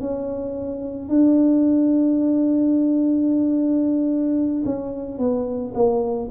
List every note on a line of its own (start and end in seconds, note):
0.00 1.09 C#4
1.09 4.64 D4
4.65 5.18 C#4
5.18 5.73 B3
5.74 6.29 A#3